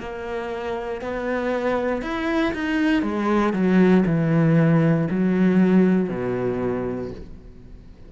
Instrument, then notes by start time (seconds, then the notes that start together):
cello
0.00 A#3
1.01 B3
2.02 E4
2.53 D#4
3.02 G#3
3.53 F#3
4.06 E3
5.10 F#3
6.09 B2